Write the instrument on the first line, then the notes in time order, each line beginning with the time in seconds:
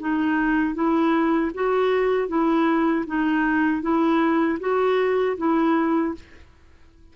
clarinet
0.00 D#4
0.75 E4
1.55 F#4
2.29 E4
3.07 D#4
3.82 E4
4.60 F#4
5.38 E4